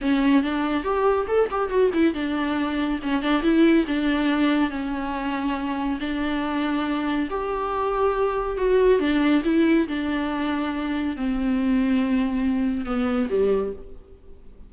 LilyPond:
\new Staff \with { instrumentName = "viola" } { \time 4/4 \tempo 4 = 140 cis'4 d'4 g'4 a'8 g'8 | fis'8 e'8 d'2 cis'8 d'8 | e'4 d'2 cis'4~ | cis'2 d'2~ |
d'4 g'2. | fis'4 d'4 e'4 d'4~ | d'2 c'2~ | c'2 b4 g4 | }